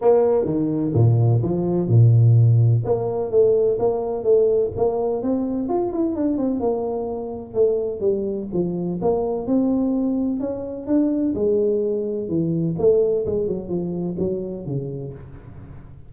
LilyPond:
\new Staff \with { instrumentName = "tuba" } { \time 4/4 \tempo 4 = 127 ais4 dis4 ais,4 f4 | ais,2 ais4 a4 | ais4 a4 ais4 c'4 | f'8 e'8 d'8 c'8 ais2 |
a4 g4 f4 ais4 | c'2 cis'4 d'4 | gis2 e4 a4 | gis8 fis8 f4 fis4 cis4 | }